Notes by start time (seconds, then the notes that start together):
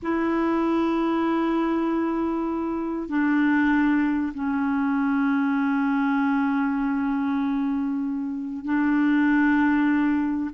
0.02 E4
3.08 D4
4.34 C#4
8.64 D4